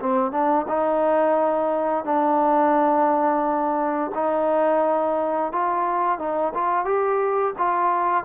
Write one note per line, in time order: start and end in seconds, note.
0.00 0.32 C4
0.32 0.66 D4
0.68 2.05 D#4
2.05 4.12 D4
4.15 5.53 D#4
5.53 6.19 F4
6.19 6.53 D#4
6.55 6.85 F4
6.85 7.54 G4
7.59 8.25 F4